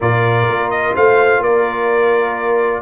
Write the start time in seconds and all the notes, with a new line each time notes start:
0.00 A#2 F4 A#4 D5
0.48 A#3
0.70 D#5
0.94 A3 C5 F5
1.39 A#3 A#4 D5